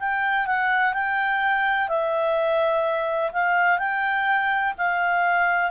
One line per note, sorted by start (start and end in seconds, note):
0.00 0.47 G5
0.47 0.94 F#5
0.94 1.89 G5
1.89 3.32 E5
3.33 3.79 F5
3.79 4.74 G5
4.78 5.71 F5